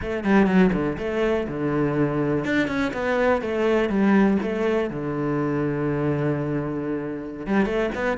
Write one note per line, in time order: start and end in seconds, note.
0.01 0.24 A3
0.24 0.46 G3
0.46 0.70 F#3
0.73 0.97 D3
0.98 1.47 A3
1.48 2.45 D3
2.45 2.67 D4
2.67 2.92 C#4
2.93 3.41 B3
3.41 3.89 A3
3.89 4.37 G3
4.42 4.90 A3
4.90 7.46 D3
7.46 7.65 G3
7.65 7.90 A3
7.94 8.17 B3